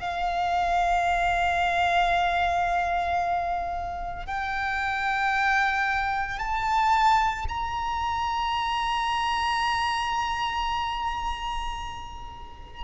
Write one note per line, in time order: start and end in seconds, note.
0.00 4.26 F5
4.26 6.39 G5
6.39 7.47 A5
7.49 12.84 A#5